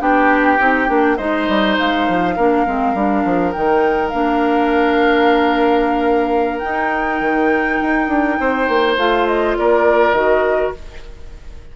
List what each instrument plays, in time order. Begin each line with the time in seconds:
0.00 bassoon B3, clarinet D4, oboe G4, flute G5
0.59 bassoon C4, clarinet D#4
0.88 bassoon A#3, clarinet D4
1.17 bassoon G#3, clarinet D#4, oboe C5, flute D#5
1.49 bassoon G3
1.79 bassoon G#3, flute F5
2.09 bassoon F3
2.36 bassoon A#3, clarinet D4, oboe A#4
2.67 bassoon G#3, clarinet C4
2.95 bassoon G3, clarinet D4
3.25 bassoon F3
3.53 bassoon D#3, clarinet D#4, flute G5
4.09 bassoon A#3, clarinet D4, flute F5
6.59 clarinet D#4, bassoon D#4, flute G5
7.21 bassoon D#3
7.82 bassoon D#4
8.08 bassoon D4
8.40 bassoon C4, oboe C5
8.69 bassoon A#3
8.97 bassoon A3, clarinet F4, flute F5
9.27 flute D#5
9.58 bassoon A#3, oboe A#4, flute D5
10.13 bassoon D#3, clarinet F#4, flute D#5